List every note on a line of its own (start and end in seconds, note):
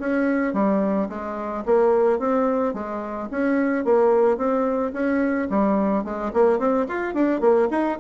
0.00 0.54 C#4
0.54 1.09 G3
1.09 1.64 G#3
1.66 2.19 A#3
2.19 2.74 C4
2.74 3.29 G#3
3.31 3.85 C#4
3.85 4.38 A#3
4.38 4.93 C4
4.93 5.48 C#4
5.50 6.05 G3
6.05 6.32 G#3
6.34 6.59 A#3
6.59 6.87 C4
6.89 7.14 F4
7.14 7.41 D4
7.41 7.68 A#3
7.71 7.98 D#4